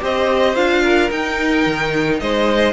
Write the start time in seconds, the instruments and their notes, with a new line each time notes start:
0.00 cello C4, viola G4, violin C5 D#5
0.56 cello D4, viola F4, violin F5
0.83 violin A#4
1.11 viola D#4, cello D#4, violin G5
1.66 cello D#3
2.20 cello G#3, violin C5 D#5